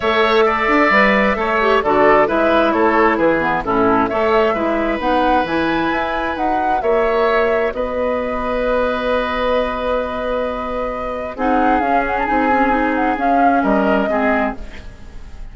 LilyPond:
<<
  \new Staff \with { instrumentName = "flute" } { \time 4/4 \tempo 4 = 132 e''1 | d''4 e''4 cis''4 b'4 | a'4 e''2 fis''4 | gis''2 fis''4 e''4~ |
e''4 dis''2.~ | dis''1~ | dis''4 fis''4 f''8 fis''16 a''16 gis''4~ | gis''8 fis''8 f''4 dis''2 | }
  \new Staff \with { instrumentName = "oboe" } { \time 4/4 cis''4 d''2 cis''4 | a'4 b'4 a'4 gis'4 | e'4 cis''4 b'2~ | b'2. cis''4~ |
cis''4 b'2.~ | b'1~ | b'4 gis'2.~ | gis'2 ais'4 gis'4 | }
  \new Staff \with { instrumentName = "clarinet" } { \time 4/4 a'2 b'4 a'8 g'8 | fis'4 e'2~ e'8 b8 | cis'4 a'4 e'4 dis'4 | e'2 fis'2~ |
fis'1~ | fis'1~ | fis'4 dis'4 cis'4 dis'8 cis'8 | dis'4 cis'2 c'4 | }
  \new Staff \with { instrumentName = "bassoon" } { \time 4/4 a4. d'8 g4 a4 | d4 gis4 a4 e4 | a,4 a4 gis4 b4 | e4 e'4 dis'4 ais4~ |
ais4 b2.~ | b1~ | b4 c'4 cis'4 c'4~ | c'4 cis'4 g4 gis4 | }
>>